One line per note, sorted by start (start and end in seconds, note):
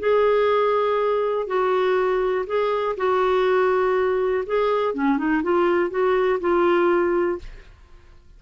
0.00 1.48 G#4
1.48 2.46 F#4
2.47 2.96 G#4
2.97 4.45 F#4
4.47 4.95 G#4
4.95 5.18 C#4
5.18 5.43 D#4
5.44 5.91 F4
5.91 6.40 F#4
6.41 7.39 F4